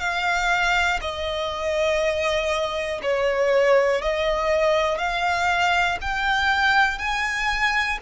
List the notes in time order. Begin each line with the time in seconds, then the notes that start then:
0.00 F5
1.01 D#5
3.03 C#5
4.01 D#5
4.98 F5
6.01 G5
6.98 G#5